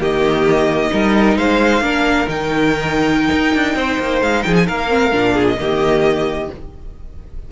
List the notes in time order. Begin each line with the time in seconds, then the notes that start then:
0.00 D#3 A#3 G4 D#5
0.91 G3 D#4 A#4
1.36 G#3 C5 F5
1.81 A#3 D4 A#4
2.28 D#3 D#4 G5
3.32 D#4
3.55 D4
3.76 C4 C5
4.00 A#3
4.22 G#3 F5
4.43 F3 G#4 G5
4.56 G#5
4.67 A#3 A#4 F5
4.89 C4
5.13 A#2 D4
5.34 G#4
5.48 D#5
5.58 D#3 A#3 G4